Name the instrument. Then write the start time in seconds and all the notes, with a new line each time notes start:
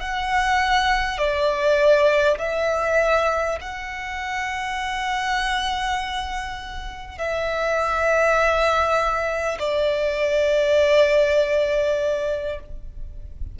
violin
0.00 F#5
1.18 D5
2.38 E5
3.61 F#5
7.18 E5
9.59 D5